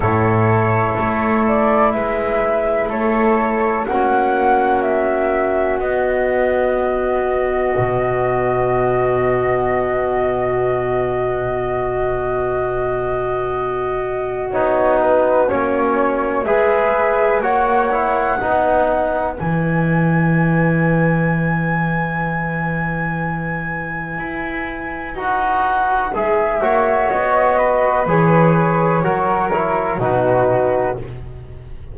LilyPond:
<<
  \new Staff \with { instrumentName = "flute" } { \time 4/4 \tempo 4 = 62 cis''4. d''8 e''4 cis''4 | fis''4 e''4 dis''2~ | dis''1~ | dis''2. cis''8 b'8 |
cis''4 e''4 fis''2 | gis''1~ | gis''2 fis''4 e''4 | dis''4 cis''2 b'4 | }
  \new Staff \with { instrumentName = "flute" } { \time 4/4 a'2 b'4 a'4 | fis'1~ | fis'1~ | fis'1~ |
fis'4 b'4 cis''4 b'4~ | b'1~ | b'2.~ b'8 cis''8~ | cis''8 b'4. ais'4 fis'4 | }
  \new Staff \with { instrumentName = "trombone" } { \time 4/4 e'1 | cis'2 b2~ | b1~ | b2. dis'4 |
cis'4 gis'4 fis'8 e'8 dis'4 | e'1~ | e'2 fis'4 gis'8 fis'8~ | fis'4 gis'4 fis'8 e'8 dis'4 | }
  \new Staff \with { instrumentName = "double bass" } { \time 4/4 a,4 a4 gis4 a4 | ais2 b2 | b,1~ | b,2. b4 |
ais4 gis4 ais4 b4 | e1~ | e4 e'4 dis'4 gis8 ais8 | b4 e4 fis4 b,4 | }
>>